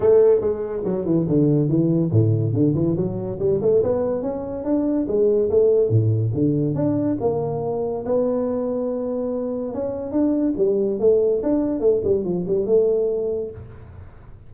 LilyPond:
\new Staff \with { instrumentName = "tuba" } { \time 4/4 \tempo 4 = 142 a4 gis4 fis8 e8 d4 | e4 a,4 d8 e8 fis4 | g8 a8 b4 cis'4 d'4 | gis4 a4 a,4 d4 |
d'4 ais2 b4~ | b2. cis'4 | d'4 g4 a4 d'4 | a8 g8 f8 g8 a2 | }